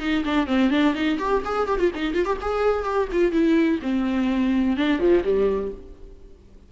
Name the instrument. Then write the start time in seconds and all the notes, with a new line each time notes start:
viola
0.00 D#4
0.24 D4
0.47 C4
0.70 D4
0.94 D#4
1.19 G4
1.45 G#4
1.68 G4
1.79 F4
1.95 D#4
2.14 F4
2.25 G4
2.41 G#4
2.84 G4
3.12 F4
3.32 E4
3.82 C4
4.77 D4
4.99 F3
5.24 G3